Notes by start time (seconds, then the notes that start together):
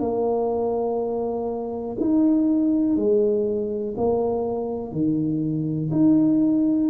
0.00 A#3
2.00 D#4
2.96 G#3
3.97 A#3
4.92 D#3
5.92 D#4